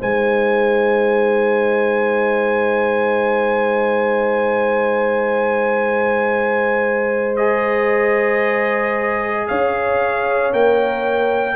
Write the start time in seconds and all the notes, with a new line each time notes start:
0.00 G#3 D#4 C5 G#5
7.37 G#4 D#5
9.48 C#4 C#5 F5
10.53 A#3 A#4 G5